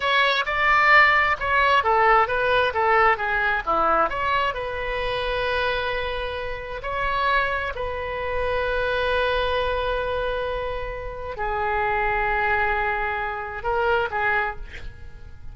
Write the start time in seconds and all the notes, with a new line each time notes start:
0.00 C#5
0.45 D5
1.39 C#5
1.83 A4
2.27 B4
2.73 A4
3.17 G#4
3.65 E4
4.09 C#5
4.54 B4
6.82 C#5
7.75 B4
11.36 G#4
13.63 A#4
14.10 G#4